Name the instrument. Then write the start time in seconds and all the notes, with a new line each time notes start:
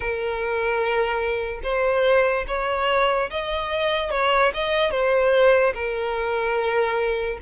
violin
0.00 A#4
1.63 C5
2.47 C#5
3.30 D#5
4.11 C#5
4.54 D#5
4.91 C5
5.74 A#4